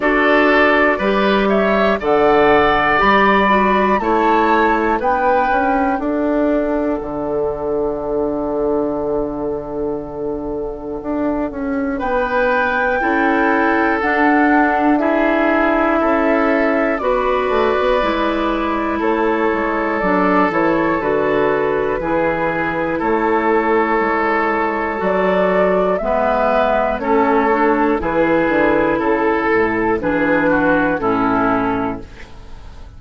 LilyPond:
<<
  \new Staff \with { instrumentName = "flute" } { \time 4/4 \tempo 4 = 60 d''4. e''8 fis''4 b''4 | a''4 g''4 fis''2~ | fis''1 | g''2 fis''4 e''4~ |
e''4 d''2 cis''4 | d''8 cis''8 b'2 cis''4~ | cis''4 d''4 e''4 cis''4 | b'4 a'4 b'4 a'4 | }
  \new Staff \with { instrumentName = "oboe" } { \time 4/4 a'4 b'8 cis''8 d''2 | cis''4 b'4 a'2~ | a'1 | b'4 a'2 gis'4 |
a'4 b'2 a'4~ | a'2 gis'4 a'4~ | a'2 b'4 a'4 | gis'4 a'4 gis'8 fis'8 e'4 | }
  \new Staff \with { instrumentName = "clarinet" } { \time 4/4 fis'4 g'4 a'4 g'8 fis'8 | e'4 d'2.~ | d'1~ | d'4 e'4 d'4 e'4~ |
e'4 fis'4 e'2 | d'8 e'8 fis'4 e'2~ | e'4 fis'4 b4 cis'8 d'8 | e'2 d'4 cis'4 | }
  \new Staff \with { instrumentName = "bassoon" } { \time 4/4 d'4 g4 d4 g4 | a4 b8 cis'8 d'4 d4~ | d2. d'8 cis'8 | b4 cis'4 d'2 |
cis'4 b8 a16 b16 gis4 a8 gis8 | fis8 e8 d4 e4 a4 | gis4 fis4 gis4 a4 | e8 d8 cis8 a,8 e4 a,4 | }
>>